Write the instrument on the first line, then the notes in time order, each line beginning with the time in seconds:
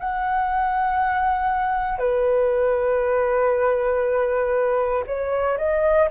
flute
0.00 F#5
1.99 B4
5.07 C#5
5.58 D#5